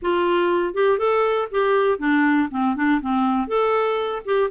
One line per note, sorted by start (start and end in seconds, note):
0.02 0.73 F4
0.73 0.98 G4
0.98 1.48 A4
1.51 1.99 G4
1.99 2.49 D4
2.50 2.75 C4
2.75 3.00 D4
3.01 3.47 C4
3.47 4.22 A4
4.25 4.50 G4